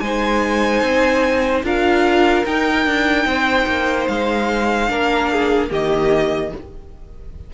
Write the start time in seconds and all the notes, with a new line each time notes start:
0.00 G#3 D#4 C5 G#5
0.82 C4
1.63 D4 F4 A#4 F5
2.46 D#4 G5
2.86 D4
3.25 C4 C5
3.66 A#3
4.08 G#3 F5
4.88 A#3 D4 A#4
5.32 G#4
5.69 D#3 A#3 G4 D#5